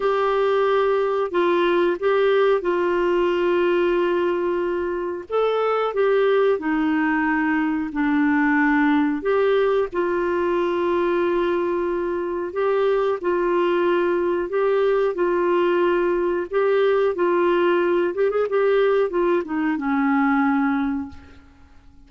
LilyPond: \new Staff \with { instrumentName = "clarinet" } { \time 4/4 \tempo 4 = 91 g'2 f'4 g'4 | f'1 | a'4 g'4 dis'2 | d'2 g'4 f'4~ |
f'2. g'4 | f'2 g'4 f'4~ | f'4 g'4 f'4. g'16 gis'16 | g'4 f'8 dis'8 cis'2 | }